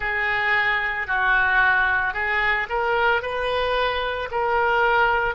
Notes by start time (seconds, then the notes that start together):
0.00 G#4
1.07 F#4
2.13 G#4
2.69 A#4
3.21 B4
4.31 A#4